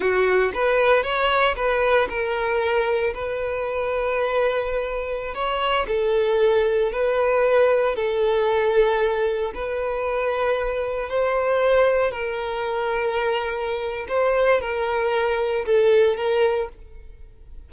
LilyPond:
\new Staff \with { instrumentName = "violin" } { \time 4/4 \tempo 4 = 115 fis'4 b'4 cis''4 b'4 | ais'2 b'2~ | b'2~ b'16 cis''4 a'8.~ | a'4~ a'16 b'2 a'8.~ |
a'2~ a'16 b'4.~ b'16~ | b'4~ b'16 c''2 ais'8.~ | ais'2. c''4 | ais'2 a'4 ais'4 | }